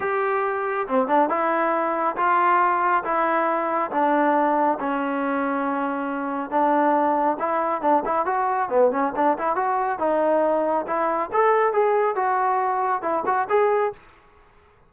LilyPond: \new Staff \with { instrumentName = "trombone" } { \time 4/4 \tempo 4 = 138 g'2 c'8 d'8 e'4~ | e'4 f'2 e'4~ | e'4 d'2 cis'4~ | cis'2. d'4~ |
d'4 e'4 d'8 e'8 fis'4 | b8 cis'8 d'8 e'8 fis'4 dis'4~ | dis'4 e'4 a'4 gis'4 | fis'2 e'8 fis'8 gis'4 | }